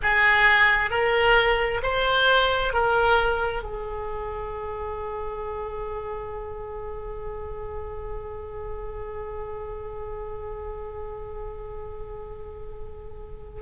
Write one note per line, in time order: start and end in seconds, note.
0.02 0.90 G#4
0.90 1.81 A#4
1.83 2.73 C5
2.73 3.62 A#4
3.62 13.61 G#4